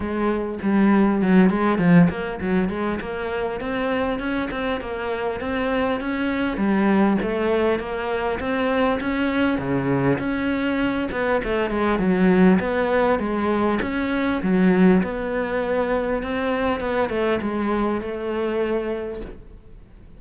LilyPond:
\new Staff \with { instrumentName = "cello" } { \time 4/4 \tempo 4 = 100 gis4 g4 fis8 gis8 f8 ais8 | fis8 gis8 ais4 c'4 cis'8 c'8 | ais4 c'4 cis'4 g4 | a4 ais4 c'4 cis'4 |
cis4 cis'4. b8 a8 gis8 | fis4 b4 gis4 cis'4 | fis4 b2 c'4 | b8 a8 gis4 a2 | }